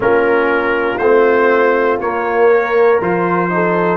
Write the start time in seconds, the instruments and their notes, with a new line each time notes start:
0.00 tuba A#3, trombone C#4, horn F4, trumpet A#4
0.97 tuba A3, trombone C4, trumpet C5
1.99 tuba A#3, trombone A#3, trumpet C#5
2.49 horn A#4
3.00 tuba F3, trombone F4, trumpet C5
3.49 trombone D#4, horn A4